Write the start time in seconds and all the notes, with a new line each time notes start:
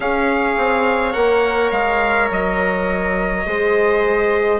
0.00 C#4 G#4 C#5 F5
0.57 C4
1.12 A#3 A#4 F#5
1.71 G#3 F5
2.30 F#3 D#5
3.46 G#3 G#4 C5